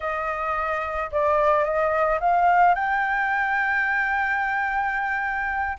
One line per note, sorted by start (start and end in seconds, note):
0.00 1.10 D#5
1.11 1.64 D5
1.64 2.19 D#5
2.19 2.74 F5
2.74 5.77 G5